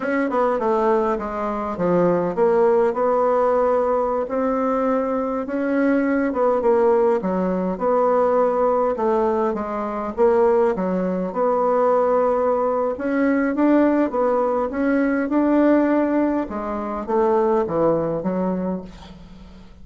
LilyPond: \new Staff \with { instrumentName = "bassoon" } { \time 4/4 \tempo 4 = 102 cis'8 b8 a4 gis4 f4 | ais4 b2~ b16 c'8.~ | c'4~ c'16 cis'4. b8 ais8.~ | ais16 fis4 b2 a8.~ |
a16 gis4 ais4 fis4 b8.~ | b2 cis'4 d'4 | b4 cis'4 d'2 | gis4 a4 e4 fis4 | }